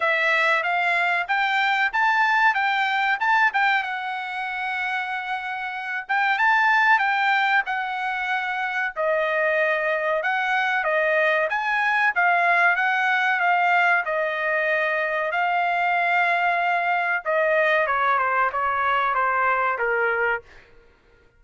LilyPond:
\new Staff \with { instrumentName = "trumpet" } { \time 4/4 \tempo 4 = 94 e''4 f''4 g''4 a''4 | g''4 a''8 g''8 fis''2~ | fis''4. g''8 a''4 g''4 | fis''2 dis''2 |
fis''4 dis''4 gis''4 f''4 | fis''4 f''4 dis''2 | f''2. dis''4 | cis''8 c''8 cis''4 c''4 ais'4 | }